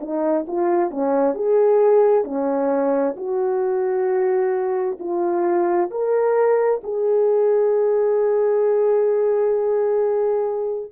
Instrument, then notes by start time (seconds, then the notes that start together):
horn
0.00 D#4
0.47 F4
0.90 C#4
1.34 G#4
2.24 C#4
3.16 F#4
4.99 F4
5.90 A#4
6.83 G#4